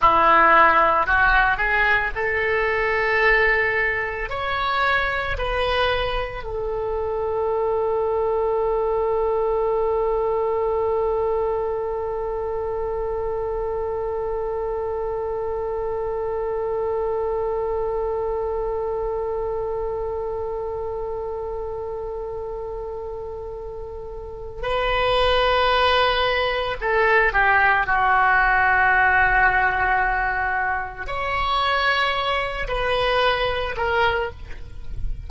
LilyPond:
\new Staff \with { instrumentName = "oboe" } { \time 4/4 \tempo 4 = 56 e'4 fis'8 gis'8 a'2 | cis''4 b'4 a'2~ | a'1~ | a'1~ |
a'1~ | a'2. b'4~ | b'4 a'8 g'8 fis'2~ | fis'4 cis''4. b'4 ais'8 | }